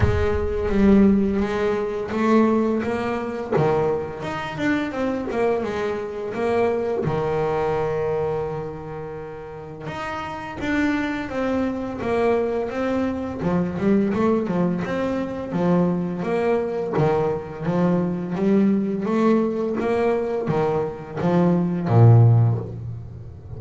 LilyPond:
\new Staff \with { instrumentName = "double bass" } { \time 4/4 \tempo 4 = 85 gis4 g4 gis4 a4 | ais4 dis4 dis'8 d'8 c'8 ais8 | gis4 ais4 dis2~ | dis2 dis'4 d'4 |
c'4 ais4 c'4 f8 g8 | a8 f8 c'4 f4 ais4 | dis4 f4 g4 a4 | ais4 dis4 f4 ais,4 | }